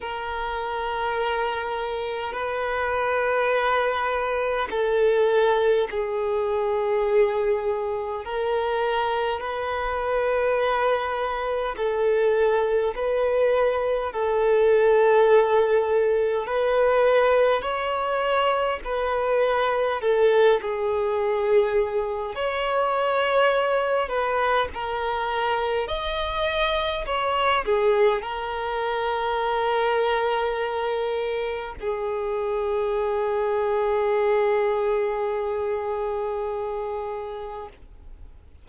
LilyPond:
\new Staff \with { instrumentName = "violin" } { \time 4/4 \tempo 4 = 51 ais'2 b'2 | a'4 gis'2 ais'4 | b'2 a'4 b'4 | a'2 b'4 cis''4 |
b'4 a'8 gis'4. cis''4~ | cis''8 b'8 ais'4 dis''4 cis''8 gis'8 | ais'2. gis'4~ | gis'1 | }